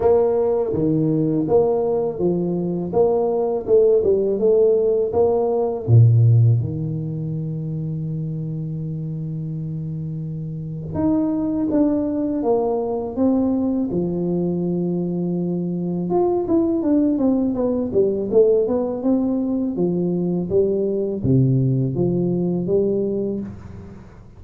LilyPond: \new Staff \with { instrumentName = "tuba" } { \time 4/4 \tempo 4 = 82 ais4 dis4 ais4 f4 | ais4 a8 g8 a4 ais4 | ais,4 dis2.~ | dis2. dis'4 |
d'4 ais4 c'4 f4~ | f2 f'8 e'8 d'8 c'8 | b8 g8 a8 b8 c'4 f4 | g4 c4 f4 g4 | }